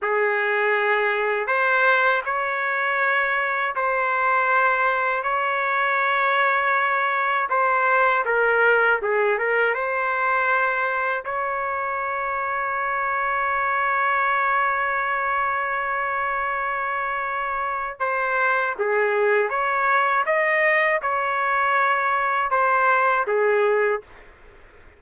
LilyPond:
\new Staff \with { instrumentName = "trumpet" } { \time 4/4 \tempo 4 = 80 gis'2 c''4 cis''4~ | cis''4 c''2 cis''4~ | cis''2 c''4 ais'4 | gis'8 ais'8 c''2 cis''4~ |
cis''1~ | cis''1 | c''4 gis'4 cis''4 dis''4 | cis''2 c''4 gis'4 | }